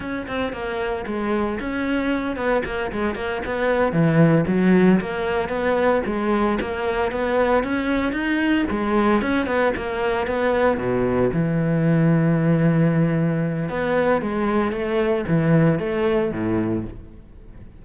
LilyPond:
\new Staff \with { instrumentName = "cello" } { \time 4/4 \tempo 4 = 114 cis'8 c'8 ais4 gis4 cis'4~ | cis'8 b8 ais8 gis8 ais8 b4 e8~ | e8 fis4 ais4 b4 gis8~ | gis8 ais4 b4 cis'4 dis'8~ |
dis'8 gis4 cis'8 b8 ais4 b8~ | b8 b,4 e2~ e8~ | e2 b4 gis4 | a4 e4 a4 a,4 | }